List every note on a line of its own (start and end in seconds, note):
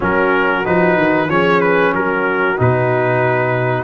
0.00 0.66 F#3
0.00 0.64 C#4
0.00 1.29 F#4
0.00 0.65 A#4
0.64 0.97 F3
0.64 1.28 D#4
0.64 1.30 B4
0.97 1.28 D#3
1.28 1.92 F3
1.28 2.57 C#4
1.28 1.94 G#4
1.28 1.60 C#5
1.60 1.92 B4
1.92 2.57 F#3
1.92 3.83 F#4
1.92 2.59 A#4
2.57 3.83 B2
2.57 3.83 D#4
2.57 3.83 B4